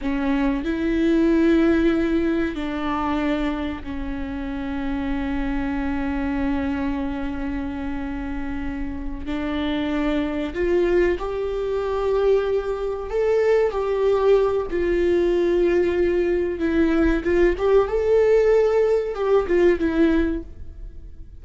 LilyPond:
\new Staff \with { instrumentName = "viola" } { \time 4/4 \tempo 4 = 94 cis'4 e'2. | d'2 cis'2~ | cis'1~ | cis'2~ cis'8 d'4.~ |
d'8 f'4 g'2~ g'8~ | g'8 a'4 g'4. f'4~ | f'2 e'4 f'8 g'8 | a'2 g'8 f'8 e'4 | }